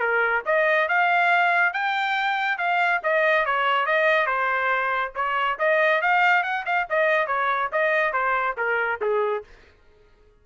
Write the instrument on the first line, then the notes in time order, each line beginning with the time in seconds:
trumpet
0.00 A#4
0.46 D#5
0.88 F5
1.73 G5
2.58 F5
3.03 D#5
3.46 C#5
3.86 D#5
4.27 C5
5.15 C#5
5.59 D#5
6.02 F5
6.43 F#5
6.66 F5
6.90 D#5
7.27 C#5
7.72 D#5
8.13 C5
8.57 A#4
9.01 G#4